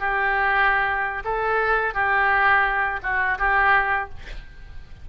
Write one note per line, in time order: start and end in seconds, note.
0.00 1.23 G4
1.25 1.94 A4
1.94 3.00 G4
3.03 3.39 F#4
3.39 4.09 G4